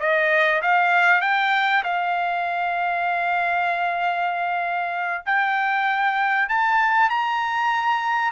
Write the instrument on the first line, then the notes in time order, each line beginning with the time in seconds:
trumpet
0.00 D#5
0.62 F5
1.21 G5
1.84 F5
5.26 G5
6.49 A5
7.10 A#5